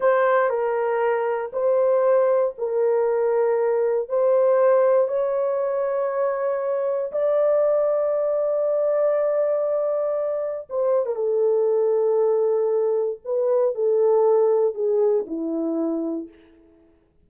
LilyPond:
\new Staff \with { instrumentName = "horn" } { \time 4/4 \tempo 4 = 118 c''4 ais'2 c''4~ | c''4 ais'2. | c''2 cis''2~ | cis''2 d''2~ |
d''1~ | d''4 c''8. ais'16 a'2~ | a'2 b'4 a'4~ | a'4 gis'4 e'2 | }